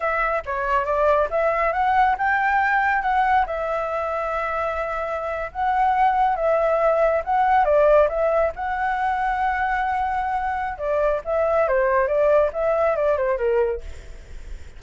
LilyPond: \new Staff \with { instrumentName = "flute" } { \time 4/4 \tempo 4 = 139 e''4 cis''4 d''4 e''4 | fis''4 g''2 fis''4 | e''1~ | e''8. fis''2 e''4~ e''16~ |
e''8. fis''4 d''4 e''4 fis''16~ | fis''1~ | fis''4 d''4 e''4 c''4 | d''4 e''4 d''8 c''8 ais'4 | }